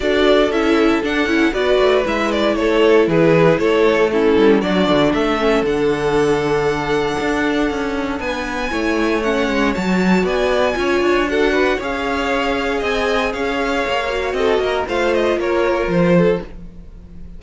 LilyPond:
<<
  \new Staff \with { instrumentName = "violin" } { \time 4/4 \tempo 4 = 117 d''4 e''4 fis''4 d''4 | e''8 d''8 cis''4 b'4 cis''4 | a'4 d''4 e''4 fis''4~ | fis''1 |
gis''2 fis''4 a''4 | gis''2 fis''4 f''4~ | f''4 gis''4 f''2 | dis''4 f''8 dis''8 cis''4 c''4 | }
  \new Staff \with { instrumentName = "violin" } { \time 4/4 a'2. b'4~ | b'4 a'4 gis'4 a'4 | e'4 fis'4 a'2~ | a'1 |
b'4 cis''2. | d''4 cis''4 a'8 b'8 cis''4~ | cis''4 dis''4 cis''2 | a'8 ais'8 c''4 ais'4. a'8 | }
  \new Staff \with { instrumentName = "viola" } { \time 4/4 fis'4 e'4 d'8 e'8 fis'4 | e'1 | cis'4 d'4. cis'8 d'4~ | d'1~ |
d'4 e'4 cis'4 fis'4~ | fis'4 f'4 fis'4 gis'4~ | gis'2.~ gis'8 fis'8~ | fis'4 f'2. | }
  \new Staff \with { instrumentName = "cello" } { \time 4/4 d'4 cis'4 d'8 cis'8 b8 a8 | gis4 a4 e4 a4~ | a8 g8 fis8 d8 a4 d4~ | d2 d'4 cis'4 |
b4 a4. gis8 fis4 | b4 cis'8 d'4. cis'4~ | cis'4 c'4 cis'4 ais4 | c'8 ais8 a4 ais4 f4 | }
>>